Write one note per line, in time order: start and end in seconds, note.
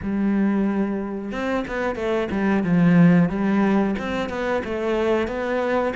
0.02 1.31 G3
1.31 1.64 C4
1.67 1.95 B3
1.95 2.28 A3
2.31 2.63 G3
2.63 3.29 F3
3.29 3.95 G3
3.98 4.29 C4
4.29 4.62 B3
4.64 5.27 A3
5.27 5.93 B3